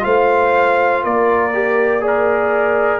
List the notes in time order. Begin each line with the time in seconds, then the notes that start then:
0.00 A3 F4 C5 F5
1.03 A#3 A#4 D5
1.53 G4
2.01 G#4 D5
2.07 A#4